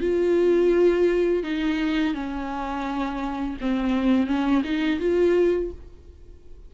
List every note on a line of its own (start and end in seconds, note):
0.00 1.43 F4
1.43 2.14 D#4
2.14 3.56 C#4
3.60 4.27 C4
4.27 4.62 C#4
4.64 4.99 D#4
4.99 5.71 F4